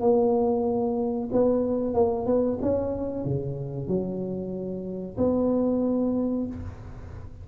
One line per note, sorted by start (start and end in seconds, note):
0.00 1.29 A#3
1.32 1.94 B3
1.94 2.26 A#3
2.26 2.58 B3
2.61 3.24 C#4
3.24 3.87 C#3
3.87 5.16 F#3
5.17 6.46 B3